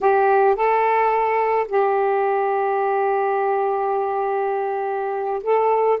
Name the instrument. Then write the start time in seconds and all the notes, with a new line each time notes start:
saxophone
0.00 G4
0.55 A4
1.68 G4
5.43 A4